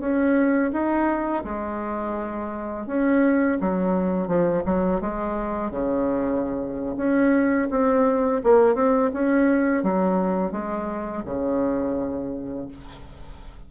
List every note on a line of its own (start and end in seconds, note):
0.00 0.71 C#4
0.72 1.44 D#4
1.44 2.87 G#3
2.87 3.58 C#4
3.60 4.28 F#3
4.28 4.63 F3
4.65 5.01 F#3
5.01 5.71 G#3
5.71 6.96 C#3
6.97 7.69 C#4
7.70 8.42 C4
8.44 8.75 A#3
8.75 9.11 C4
9.13 9.83 C#4
9.83 10.52 F#3
10.52 11.23 G#3
11.25 12.68 C#3